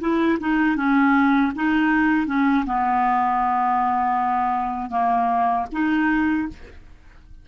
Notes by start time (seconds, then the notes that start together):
0.00 E4
0.40 D#4
0.76 C#4
1.55 D#4
2.26 C#4
2.66 B3
4.90 A#3
5.72 D#4